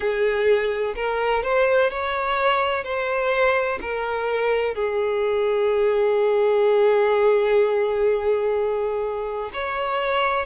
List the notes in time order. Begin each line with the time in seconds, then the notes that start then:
0.00 G#4
0.95 A#4
1.43 C5
1.90 C#5
2.84 C5
3.81 A#4
4.74 G#4
9.53 C#5